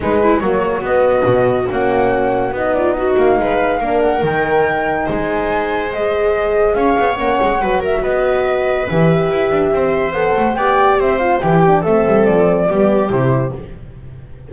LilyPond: <<
  \new Staff \with { instrumentName = "flute" } { \time 4/4 \tempo 4 = 142 b'4 cis''4 dis''2 | fis''2 dis''8 d''8 dis''8 f''8~ | f''4. fis''8 g''2 | gis''2 dis''2 |
f''4 fis''4. e''8 dis''4~ | dis''4 e''2. | fis''4 g''4 e''8 f''8 g''4 | e''4 d''2 c''4 | }
  \new Staff \with { instrumentName = "viola" } { \time 4/4 dis'8 e'8 fis'2.~ | fis'2~ fis'8 f'8 fis'4 | b'4 ais'2. | c''1 |
cis''2 b'8 ais'8 b'4~ | b'2. c''4~ | c''4 d''4 c''4 g'4 | a'2 g'2 | }
  \new Staff \with { instrumentName = "horn" } { \time 4/4 gis4 ais4 b2 | cis'2 dis'2~ | dis'4 d'4 dis'2~ | dis'2 gis'2~ |
gis'4 cis'4 fis'2~ | fis'4 g'2. | a'4 g'4. f'8 e'8 d'8 | c'2 b4 e'4 | }
  \new Staff \with { instrumentName = "double bass" } { \time 4/4 gis4 fis4 b4 b,4 | ais2 b4. ais8 | gis4 ais4 dis2 | gis1 |
cis'8 b8 ais8 gis8 fis4 b4~ | b4 e4 e'8 d'8 c'4 | b8 a8 b4 c'4 e4 | a8 g8 f4 g4 c4 | }
>>